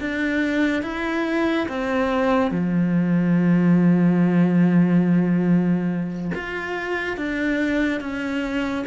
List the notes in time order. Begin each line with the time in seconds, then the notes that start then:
0.00 D4
0.83 E4
1.68 C4
2.51 F3
6.35 F4
7.17 D4
8.01 C#4